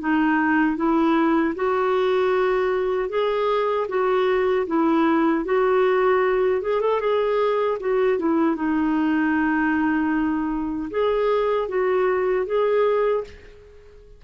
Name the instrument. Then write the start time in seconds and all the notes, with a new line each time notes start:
clarinet
0.00 D#4
0.77 E4
1.55 F#4
3.09 G#4
3.89 F#4
4.67 E4
5.45 F#4
6.62 G#4
6.81 A4
7.00 G#4
7.80 F#4
8.19 E4
8.56 D#4
10.90 G#4
11.68 F#4
12.46 G#4